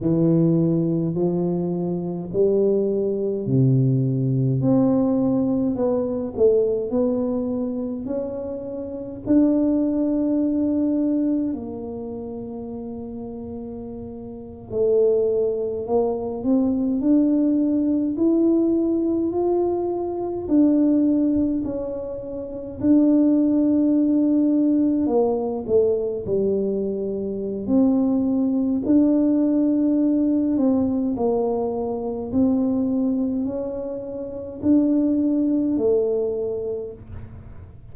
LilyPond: \new Staff \with { instrumentName = "tuba" } { \time 4/4 \tempo 4 = 52 e4 f4 g4 c4 | c'4 b8 a8 b4 cis'4 | d'2 ais2~ | ais8. a4 ais8 c'8 d'4 e'16~ |
e'8. f'4 d'4 cis'4 d'16~ | d'4.~ d'16 ais8 a8 g4~ g16 | c'4 d'4. c'8 ais4 | c'4 cis'4 d'4 a4 | }